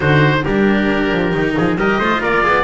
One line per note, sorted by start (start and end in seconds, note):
0.00 0.45 D3
0.00 0.43 D#4
0.00 0.41 F#4
0.00 0.44 C5
0.44 1.11 G3
0.44 1.32 D4
0.44 1.55 G4
0.44 1.77 A#4
1.11 1.33 F3
1.32 1.56 D#3
1.32 1.76 D#4
1.56 1.76 F3
1.56 1.78 G#4
1.76 1.98 G3
1.76 2.02 G4
1.76 1.98 A#4
1.76 2.22 D#5
1.98 2.21 A3
1.98 2.63 F4
1.98 2.21 C5
2.21 2.44 A#3
2.21 2.43 A#4
2.21 2.63 D5
2.43 2.63 B3
2.43 2.63 G#4